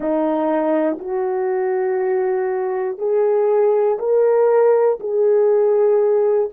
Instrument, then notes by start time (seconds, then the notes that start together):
horn
0.00 D#4
0.99 F#4
2.97 G#4
3.98 A#4
5.00 G#4